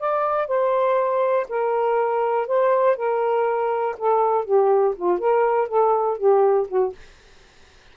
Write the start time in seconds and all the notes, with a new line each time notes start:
0.00 D5
0.48 C5
1.49 A#4
2.48 C5
2.97 A#4
3.98 A4
4.45 G4
4.96 F4
5.19 A#4
5.68 A4
6.18 G4
6.69 F#4